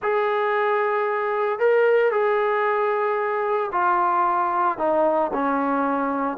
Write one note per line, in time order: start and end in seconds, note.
0.02 1.59 G#4
1.59 2.11 A#4
2.11 3.70 G#4
3.72 4.78 F4
4.78 5.31 D#4
5.33 6.37 C#4